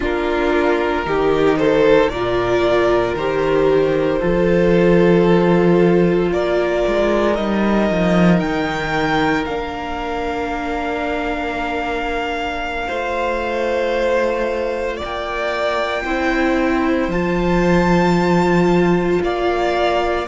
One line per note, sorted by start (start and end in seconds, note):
0.00 1.05 A#3
0.00 1.05 D4
0.00 1.05 F4
0.00 1.57 A#4
1.05 2.08 D#3
1.05 2.10 D#4
1.05 1.59 G4
1.57 2.12 A4
1.57 2.09 C5
2.08 3.13 A#2
2.08 4.19 A#4
2.08 3.14 D5
2.14 3.18 F4
3.14 4.19 D#3
3.14 4.20 G4
3.14 6.32 C5
4.19 6.31 F3
4.19 7.34 F4
4.19 6.29 A4
6.31 6.83 A#3
6.31 12.87 A#4
6.31 7.35 D5
6.87 7.38 G#3
7.34 7.90 G3
7.34 9.45 D#4
7.34 8.39 D#5
7.90 8.41 F3
8.39 9.46 D#3
8.39 9.45 G5
9.45 12.88 A#3
9.45 12.91 D4
9.45 14.97 F5
12.87 15.00 A3
12.87 16.06 F4
12.87 14.96 C5
14.96 16.02 D5
15.03 16.04 A#3
15.03 17.11 G5
16.04 17.07 C4
16.04 17.11 E4
16.04 19.20 C5
17.07 19.18 F3
17.07 20.27 F4
17.07 19.21 A5
19.22 20.27 A#3
19.22 20.27 D5
19.22 20.27 F5